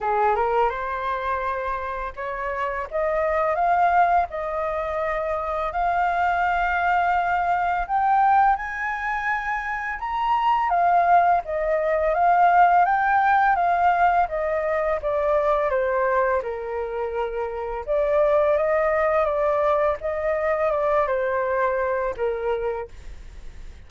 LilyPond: \new Staff \with { instrumentName = "flute" } { \time 4/4 \tempo 4 = 84 gis'8 ais'8 c''2 cis''4 | dis''4 f''4 dis''2 | f''2. g''4 | gis''2 ais''4 f''4 |
dis''4 f''4 g''4 f''4 | dis''4 d''4 c''4 ais'4~ | ais'4 d''4 dis''4 d''4 | dis''4 d''8 c''4. ais'4 | }